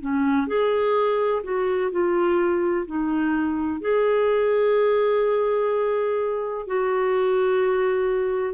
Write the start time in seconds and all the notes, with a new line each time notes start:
0.00 C#4
0.47 G#4
1.43 F#4
1.90 F4
2.86 D#4
3.81 G#4
6.66 F#4